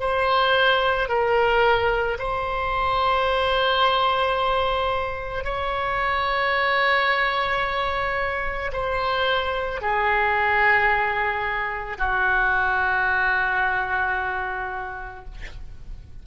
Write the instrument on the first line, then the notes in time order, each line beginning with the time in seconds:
oboe
0.00 C5
1.09 A#4
2.19 C5
5.45 C#5
8.73 C5
9.82 G#4
11.99 F#4